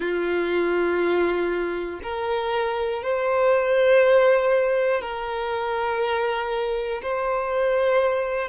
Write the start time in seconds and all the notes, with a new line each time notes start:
0.00 F4
2.03 A#4
3.02 C5
5.01 A#4
7.02 C5